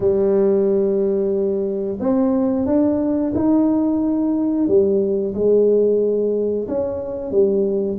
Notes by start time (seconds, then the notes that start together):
0.00 G3
1.99 C4
2.65 D4
3.35 D#4
4.67 G3
5.34 G#3
6.68 C#4
7.31 G3